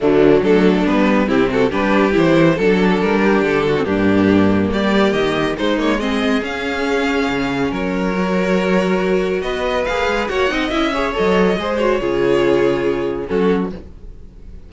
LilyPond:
<<
  \new Staff \with { instrumentName = "violin" } { \time 4/4 \tempo 4 = 140 d'4 a'4 b'4 g'8 a'8 | b'4 c''4 a'4 ais'4 | a'4 g'2 d''4 | dis''4 c''8 cis''8 dis''4 f''4~ |
f''2 cis''2~ | cis''2 dis''4 f''4 | fis''4 e''4 dis''4. cis''8~ | cis''2. a'4 | }
  \new Staff \with { instrumentName = "violin" } { \time 4/4 a4 d'2 e'8 fis'8 | g'2 a'4. g'8~ | g'8 fis'8 d'2 g'4~ | g'4 dis'4 gis'2~ |
gis'2 ais'2~ | ais'2 b'2 | cis''8 dis''4 cis''4. c''4 | gis'2. fis'4 | }
  \new Staff \with { instrumentName = "viola" } { \time 4/4 fis4 a4 b4 c'4 | d'4 e'4 d'2~ | d'8. c'16 ais2.~ | ais4 gis8 ais8 c'4 cis'4~ |
cis'2. fis'4~ | fis'2. gis'4 | fis'8 dis'8 e'8 gis'8 a'4 gis'8 fis'8 | f'2. cis'4 | }
  \new Staff \with { instrumentName = "cello" } { \time 4/4 d4 fis4 g4 c4 | g4 e4 fis4 g4 | d4 g,2 g4 | dis4 gis2 cis'4~ |
cis'4 cis4 fis2~ | fis2 b4 ais8 gis8 | ais8 c'8 cis'4 fis4 gis4 | cis2. fis4 | }
>>